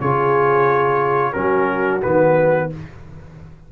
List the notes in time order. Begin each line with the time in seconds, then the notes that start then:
0.00 C#3 F4 G#4 C#5
1.33 F#3 C#4 F#4 A#4
2.02 D#3 B3 B4